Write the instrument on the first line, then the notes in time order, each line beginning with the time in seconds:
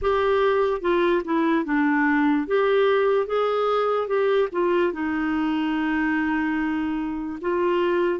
clarinet
0.01 G4
0.81 F4
1.24 E4
1.64 D4
2.47 G4
3.27 G#4
4.07 G4
4.52 F4
4.92 D#4
7.41 F4